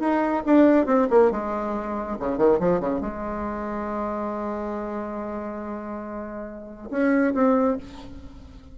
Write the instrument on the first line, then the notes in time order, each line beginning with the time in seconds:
bassoon
0.00 D#4
0.46 D4
0.86 C4
1.10 A#3
1.31 G#3
2.19 C#3
2.38 D#3
2.60 F3
2.80 C#3
3.01 G#3
6.91 C#4
7.34 C4